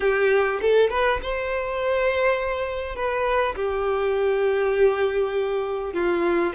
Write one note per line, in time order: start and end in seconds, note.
0.00 0.59 G4
0.61 0.90 A4
0.90 1.19 B4
1.22 2.95 C5
2.95 3.55 B4
3.55 5.93 G4
5.93 6.52 F4